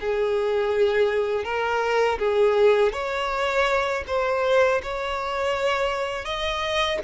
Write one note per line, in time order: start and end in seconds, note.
0.00 1.44 G#4
1.44 2.18 A#4
2.19 2.92 G#4
2.93 4.04 C#5
4.07 4.81 C5
4.82 6.25 C#5
6.25 6.99 D#5